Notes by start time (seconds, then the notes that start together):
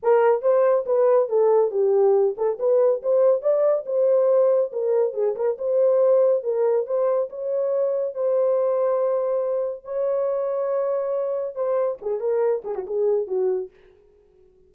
0.02 A#4
0.42 C5
0.86 B4
1.29 A4
1.70 G4
2.37 A4
2.59 B4
3.02 C5
3.41 D5
3.86 C5
4.72 A#4
5.13 G#4
5.35 A#4
5.58 C5
6.43 A#4
6.86 C5
7.29 C#5
8.14 C5
9.84 C#5
11.55 C5
12.01 G#4
12.19 A#4
12.64 G#4
12.75 F#4
12.86 G#4
13.27 F#4